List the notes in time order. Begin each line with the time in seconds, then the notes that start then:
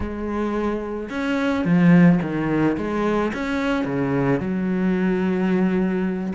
0.00 G#3
1.09 C#4
1.64 F3
2.21 D#3
2.77 G#3
3.33 C#4
3.85 C#3
4.40 F#3